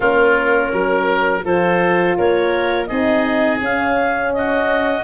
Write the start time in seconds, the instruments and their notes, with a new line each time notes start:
0.00 tuba A#3, horn C#4, oboe F4, clarinet A#4
0.72 tuba F#3, oboe A#4
1.43 tuba F3, horn F4, oboe A4, clarinet C5
2.17 tuba A#3, oboe A#4, clarinet C#5
2.86 tuba C4, horn D#4, oboe G#4, clarinet D#5
3.60 tuba C#4, horn C#4, clarinet F5
4.33 oboe F#4, clarinet D#5